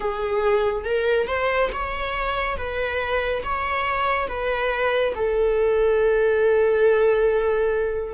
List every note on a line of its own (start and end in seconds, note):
0.00 0.84 G#4
0.84 1.27 A#4
1.27 1.69 C5
1.72 2.57 C#5
2.57 3.42 B4
3.43 4.28 C#5
4.28 5.14 B4
5.15 8.14 A4